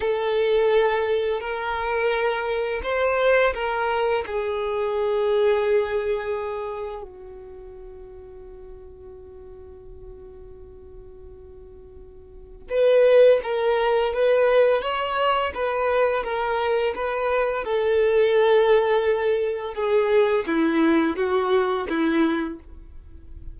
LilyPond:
\new Staff \with { instrumentName = "violin" } { \time 4/4 \tempo 4 = 85 a'2 ais'2 | c''4 ais'4 gis'2~ | gis'2 fis'2~ | fis'1~ |
fis'2 b'4 ais'4 | b'4 cis''4 b'4 ais'4 | b'4 a'2. | gis'4 e'4 fis'4 e'4 | }